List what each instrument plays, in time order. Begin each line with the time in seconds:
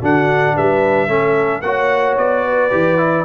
0.00 tuba D3, trombone D4, horn F#4, trumpet F#5
0.56 tuba G3, horn B4, trumpet E5
1.08 tuba A3, trombone C#4, horn A4
1.61 tuba A#3, trombone F#4, horn C#5, trumpet F#5
2.17 tuba B3, trumpet D5
2.45 horn B4
2.70 tuba E3, trombone G4
2.98 trombone E4